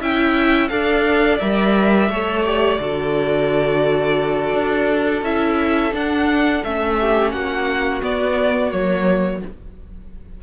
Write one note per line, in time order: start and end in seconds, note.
0.00 0.70 C#4
0.00 0.69 E4
0.00 0.70 E5
0.00 0.68 G5
0.68 1.40 D4
0.68 1.39 A4
0.68 2.10 D5
0.68 1.38 F5
1.38 2.09 G3
1.38 2.10 A#4
1.38 2.43 E5
2.09 2.78 A3
2.09 2.45 A4
2.09 2.80 C#5
2.45 2.80 G4
2.45 5.23 D5
2.79 4.53 D3
2.79 5.24 F#4
2.79 6.99 A4
4.53 5.22 D4
5.22 5.92 C#4
5.22 5.91 E4
5.22 5.93 E5
5.91 6.61 D4
5.91 6.63 D4
5.91 6.64 F#5
6.64 7.32 A3
6.64 8.01 C#4
6.64 7.31 E5
6.99 7.33 G4
7.31 8.02 A#3
7.31 9.43 F#4
7.31 8.01 F#5
8.01 8.70 B3
8.01 8.72 B3
8.01 8.71 D5
8.70 9.42 F#3
8.70 9.40 A#3
8.70 9.41 C#5